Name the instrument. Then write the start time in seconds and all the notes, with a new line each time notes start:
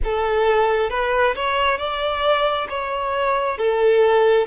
violin
0.04 A4
0.90 B4
1.35 C#5
1.77 D5
2.69 C#5
3.58 A4